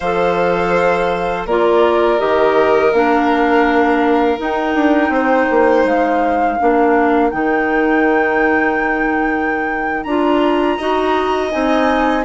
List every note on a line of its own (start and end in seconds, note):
0.00 1.46 F3
0.00 1.49 A4
0.00 1.46 C5
0.00 1.46 F5
1.46 2.19 A#3
1.46 2.19 F4
1.46 5.12 A#4
1.46 2.19 D5
2.19 2.92 D#3
2.19 2.92 G4
2.19 2.92 D#5
2.92 4.39 A#3
2.92 4.38 D4
2.92 4.39 F5
4.38 6.57 D#4
4.38 4.75 D#4
4.38 5.86 G5
4.75 5.09 D4
5.09 5.45 C4
5.09 6.58 C5
5.50 5.84 A#3
5.84 6.57 G#3
5.84 7.30 F5
6.58 7.33 A#3
6.58 7.31 D4
6.58 10.78 A#4
7.30 10.04 D#3
7.30 10.06 D#4
7.30 10.03 G5
10.03 10.78 D4
10.03 10.79 F4
10.03 11.49 A#5
10.78 11.53 D#4
10.78 11.50 F#4
10.78 12.24 D#5
11.50 12.24 C4
11.50 12.23 D#4
11.50 12.24 G#5